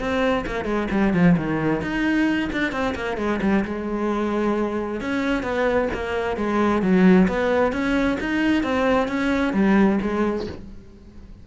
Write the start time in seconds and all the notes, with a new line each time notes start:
0.00 C4
0.46 A#3
0.65 G#3
0.91 G3
1.14 F3
1.38 D#3
1.82 D#4
2.52 D4
2.72 C4
2.95 A#3
3.17 G#3
3.42 G3
3.65 G#3
5.01 C#4
5.43 B3
5.94 A#3
6.37 G#3
6.82 F#3
7.28 B3
7.73 C#4
8.20 D#4
8.63 C4
9.08 C#4
9.54 G3
10.02 G#3